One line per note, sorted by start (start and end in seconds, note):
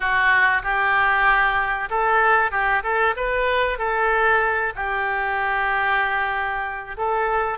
0.00 0.62 F#4
0.63 1.89 G4
1.89 2.51 A4
2.51 2.82 G4
2.82 3.14 A4
3.16 3.78 B4
3.78 4.73 A4
4.75 6.96 G4
6.97 7.58 A4